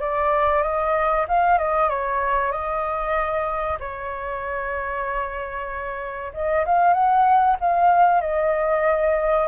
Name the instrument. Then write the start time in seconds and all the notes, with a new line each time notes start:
flute
0.00 D5
0.63 D#5
1.28 F5
1.58 D#5
1.89 C#5
2.51 D#5
3.80 C#5
6.34 D#5
6.66 F5
6.93 F#5
7.60 F5
8.21 D#5